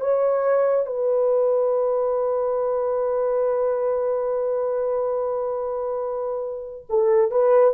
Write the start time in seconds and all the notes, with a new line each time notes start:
0.00 C#5
0.86 B4
6.89 A4
7.31 B4